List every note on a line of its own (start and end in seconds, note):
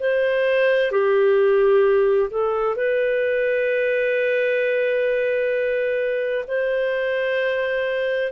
0.00 0.92 C5
0.92 2.30 G4
2.30 2.76 A4
2.76 6.45 B4
6.48 8.32 C5